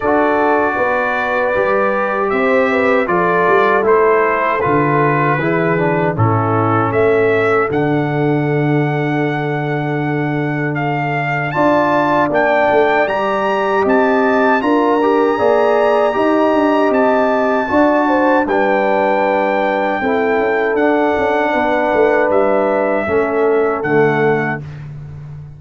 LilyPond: <<
  \new Staff \with { instrumentName = "trumpet" } { \time 4/4 \tempo 4 = 78 d''2. e''4 | d''4 c''4 b'2 | a'4 e''4 fis''2~ | fis''2 f''4 a''4 |
g''4 ais''4 a''4 ais''4~ | ais''2 a''2 | g''2. fis''4~ | fis''4 e''2 fis''4 | }
  \new Staff \with { instrumentName = "horn" } { \time 4/4 a'4 b'2 c''8 b'8 | a'2. gis'4 | e'4 a'2.~ | a'2. d''4~ |
d''2 dis''4 ais'4 | d''4 dis''2 d''8 c''8 | b'2 a'2 | b'2 a'2 | }
  \new Staff \with { instrumentName = "trombone" } { \time 4/4 fis'2 g'2 | f'4 e'4 f'4 e'8 d'8 | cis'2 d'2~ | d'2. f'4 |
d'4 g'2 f'8 g'8 | gis'4 g'2 fis'4 | d'2 e'4 d'4~ | d'2 cis'4 a4 | }
  \new Staff \with { instrumentName = "tuba" } { \time 4/4 d'4 b4 g4 c'4 | f8 g8 a4 d4 e4 | a,4 a4 d2~ | d2. d'4 |
ais8 a8 g4 c'4 d'4 | ais4 dis'8 d'8 c'4 d'4 | g2 c'8 cis'8 d'8 cis'8 | b8 a8 g4 a4 d4 | }
>>